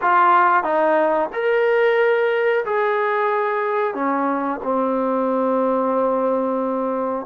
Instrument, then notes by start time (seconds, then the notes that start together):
trombone
0.01 F4
0.63 D#4
1.32 A#4
2.65 G#4
3.94 C#4
4.63 C4